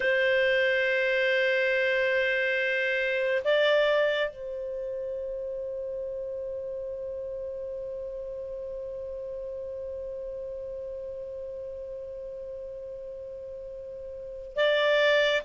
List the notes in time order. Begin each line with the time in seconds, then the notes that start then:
0.00 C5
3.44 D5
4.29 C5
14.56 D5